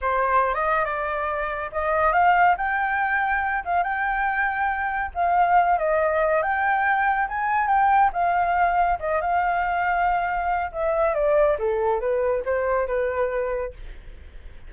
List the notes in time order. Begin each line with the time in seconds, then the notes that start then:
0.01 C5
0.54 D#5
0.84 D5
1.71 D#5
2.12 F5
2.57 G5
3.64 F5
3.83 G5
5.14 F5
5.78 D#5
6.42 G5
7.28 G#5
7.67 G5
8.13 F5
8.99 D#5
9.21 F5
10.71 E5
11.14 D5
11.58 A4
12.00 B4
12.45 C5
12.87 B4